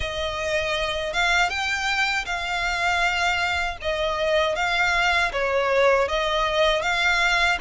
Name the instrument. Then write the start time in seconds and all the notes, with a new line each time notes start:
violin
0.00 D#5
1.13 F5
1.49 G5
2.25 F5
3.81 D#5
4.55 F5
5.32 C#5
6.08 D#5
6.81 F5